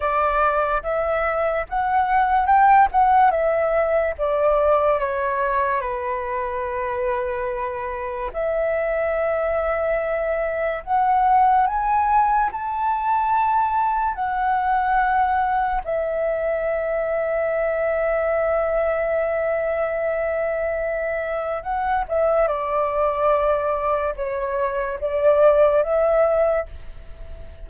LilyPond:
\new Staff \with { instrumentName = "flute" } { \time 4/4 \tempo 4 = 72 d''4 e''4 fis''4 g''8 fis''8 | e''4 d''4 cis''4 b'4~ | b'2 e''2~ | e''4 fis''4 gis''4 a''4~ |
a''4 fis''2 e''4~ | e''1~ | e''2 fis''8 e''8 d''4~ | d''4 cis''4 d''4 e''4 | }